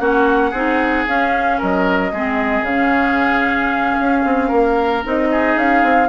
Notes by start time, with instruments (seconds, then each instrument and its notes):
0.00 bassoon A#3, clarinet C#4, oboe F#4, flute F#5
0.51 bassoon C4, clarinet D#4, oboe G#4
1.07 bassoon C#4, clarinet C#4, flute F5
1.59 bassoon F#3, oboe A#4, flute D#5
2.12 bassoon G#3, clarinet C4, oboe G#4
2.62 bassoon C#3, clarinet C#4, flute F5
4.00 bassoon C#4
4.25 bassoon C4
4.48 bassoon A#3, oboe A#4
5.05 bassoon C4, clarinet D#4, flute D#5
5.32 oboe G#4
5.57 bassoon C#4, flute F5
5.83 bassoon C4